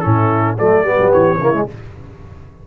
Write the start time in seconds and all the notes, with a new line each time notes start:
0.00 A2 C#4 E4 A4
0.57 F#3 A3 A4 D5
0.84 G3 B3 G4
0.99 F#3
1.12 E3 C#5
1.38 C#3 A#3 E4
1.53 G#3